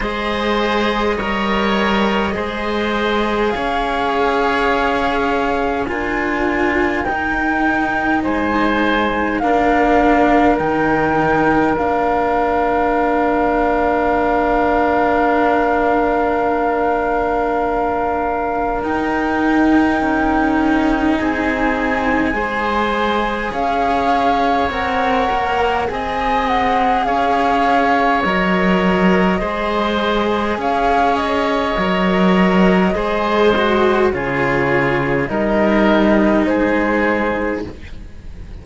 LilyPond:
<<
  \new Staff \with { instrumentName = "flute" } { \time 4/4 \tempo 4 = 51 dis''2. f''4~ | f''4 gis''4 g''4 gis''4 | f''4 g''4 f''2~ | f''1 |
g''2 gis''2 | f''4 fis''4 gis''8 fis''8 f''4 | dis''2 f''8 dis''4.~ | dis''4 cis''4 dis''4 c''4 | }
  \new Staff \with { instrumentName = "oboe" } { \time 4/4 c''4 cis''4 c''4 cis''4~ | cis''4 ais'2 c''4 | ais'1~ | ais'1~ |
ais'2 gis'4 c''4 | cis''2 dis''4 cis''4~ | cis''4 c''4 cis''2 | c''4 gis'4 ais'4 gis'4 | }
  \new Staff \with { instrumentName = "cello" } { \time 4/4 gis'4 ais'4 gis'2~ | gis'4 f'4 dis'2 | d'4 dis'4 d'2~ | d'1 |
dis'2. gis'4~ | gis'4 ais'4 gis'2 | ais'4 gis'2 ais'4 | gis'8 fis'8 f'4 dis'2 | }
  \new Staff \with { instrumentName = "cello" } { \time 4/4 gis4 g4 gis4 cis'4~ | cis'4 d'4 dis'4 gis4 | ais4 dis4 ais2~ | ais1 |
dis'4 cis'4 c'4 gis4 | cis'4 c'8 ais8 c'4 cis'4 | fis4 gis4 cis'4 fis4 | gis4 cis4 g4 gis4 | }
>>